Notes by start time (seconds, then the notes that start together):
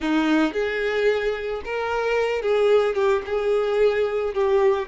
0.00 D#4
0.53 G#4
1.65 A#4
2.42 G#4
2.95 G4
3.26 G#4
4.34 G4